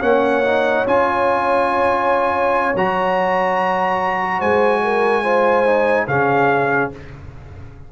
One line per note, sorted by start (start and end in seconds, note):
0.00 0.85 A#3
0.00 0.43 C#4
0.00 4.37 C#5
0.00 0.85 F#5
0.44 0.86 D#4
0.86 2.74 C#4
0.86 2.74 F4
0.86 2.75 G#5
2.75 4.41 F#3
2.75 5.24 F#4
2.75 4.41 A#5
4.39 6.07 G#3
4.39 4.80 C5
4.39 6.07 G#5
4.83 5.23 A#4
5.23 5.66 F4
5.23 6.06 C5
5.66 6.08 D#4
6.07 6.91 C#3
6.07 6.92 C#4
6.07 6.91 G#4
6.07 6.91 F5